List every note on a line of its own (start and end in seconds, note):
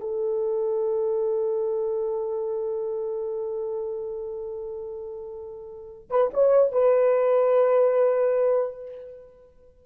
0.00 6.08 A4
6.10 6.31 B4
6.33 6.72 C#5
6.72 8.82 B4